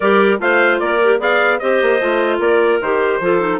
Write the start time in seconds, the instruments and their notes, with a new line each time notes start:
0.00 bassoon G3, clarinet G4 A#4, trumpet D5
0.38 bassoon A3, clarinet F4 C5, trumpet F5
0.79 bassoon A#3, clarinet A#4, trumpet D5
1.03 clarinet G4
1.19 bassoon B3, clarinet G#4 D5, trumpet F5
1.59 bassoon C4, clarinet G4 C5, trumpet D#5
1.81 bassoon A#3
2.00 bassoon A3, clarinet F4
2.39 bassoon A#3, clarinet A#4, trumpet D5
2.81 bassoon D#3, clarinet G4, trumpet C5
3.20 bassoon F3, clarinet F4 A4
3.40 clarinet D#4